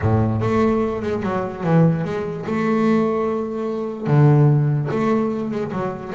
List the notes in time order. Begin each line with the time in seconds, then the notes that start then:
0.01 A2
0.41 A3
1.02 G#3
1.22 F#3
1.63 E3
2.04 G#3
2.46 A3
4.06 D3
4.90 A3
5.51 G#3
5.71 F#3